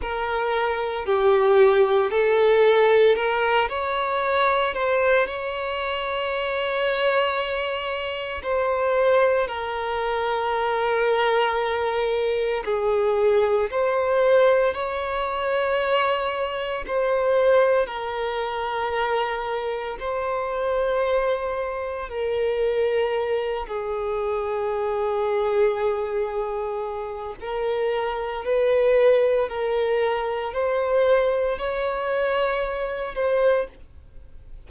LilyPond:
\new Staff \with { instrumentName = "violin" } { \time 4/4 \tempo 4 = 57 ais'4 g'4 a'4 ais'8 cis''8~ | cis''8 c''8 cis''2. | c''4 ais'2. | gis'4 c''4 cis''2 |
c''4 ais'2 c''4~ | c''4 ais'4. gis'4.~ | gis'2 ais'4 b'4 | ais'4 c''4 cis''4. c''8 | }